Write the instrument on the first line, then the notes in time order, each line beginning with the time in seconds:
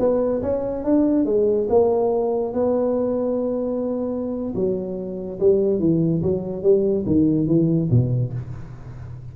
tuba
0.00 B3
0.43 C#4
0.85 D4
1.26 G#3
1.70 A#3
2.54 B3
4.56 F#3
5.40 G3
5.80 E3
6.23 F#3
6.63 G3
7.07 D#3
7.48 E3
7.91 B2